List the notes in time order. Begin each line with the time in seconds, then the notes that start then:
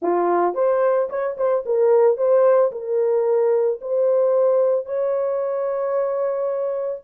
0.01 F4
0.54 C5
1.09 C#5
1.37 C5
1.65 A#4
2.17 C5
2.71 A#4
3.81 C5
4.85 C#5